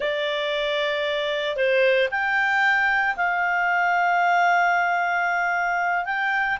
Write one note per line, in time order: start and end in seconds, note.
0.00 1.56 D5
1.56 2.08 C5
2.10 3.16 G5
3.16 6.05 F5
6.05 6.57 G5